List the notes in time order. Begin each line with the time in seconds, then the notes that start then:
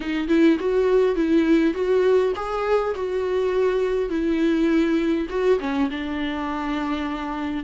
0.00 D#4
0.28 E4
0.59 F#4
1.15 E4
1.74 F#4
2.35 G#4
2.95 F#4
4.09 E4
5.29 F#4
5.60 C#4
5.90 D4